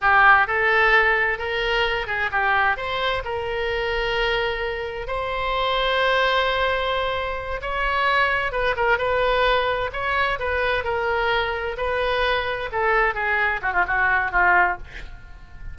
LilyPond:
\new Staff \with { instrumentName = "oboe" } { \time 4/4 \tempo 4 = 130 g'4 a'2 ais'4~ | ais'8 gis'8 g'4 c''4 ais'4~ | ais'2. c''4~ | c''1~ |
c''8 cis''2 b'8 ais'8 b'8~ | b'4. cis''4 b'4 ais'8~ | ais'4. b'2 a'8~ | a'8 gis'4 fis'16 f'16 fis'4 f'4 | }